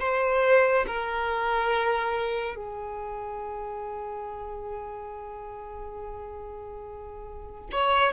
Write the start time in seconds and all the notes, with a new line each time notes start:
0.00 C5
0.87 A#4
2.56 G#4
7.72 C#5